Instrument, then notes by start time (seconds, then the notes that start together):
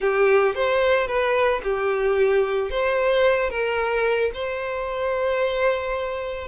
violin
0.00 G4
0.54 C5
1.07 B4
1.63 G4
2.70 C5
3.50 A#4
4.33 C5